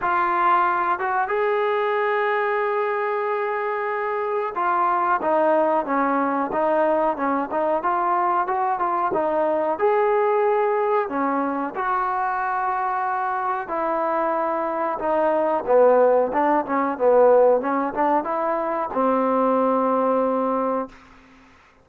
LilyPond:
\new Staff \with { instrumentName = "trombone" } { \time 4/4 \tempo 4 = 92 f'4. fis'8 gis'2~ | gis'2. f'4 | dis'4 cis'4 dis'4 cis'8 dis'8 | f'4 fis'8 f'8 dis'4 gis'4~ |
gis'4 cis'4 fis'2~ | fis'4 e'2 dis'4 | b4 d'8 cis'8 b4 cis'8 d'8 | e'4 c'2. | }